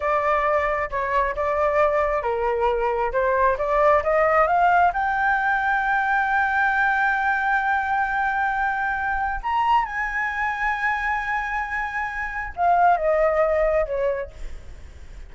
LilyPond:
\new Staff \with { instrumentName = "flute" } { \time 4/4 \tempo 4 = 134 d''2 cis''4 d''4~ | d''4 ais'2 c''4 | d''4 dis''4 f''4 g''4~ | g''1~ |
g''1~ | g''4 ais''4 gis''2~ | gis''1 | f''4 dis''2 cis''4 | }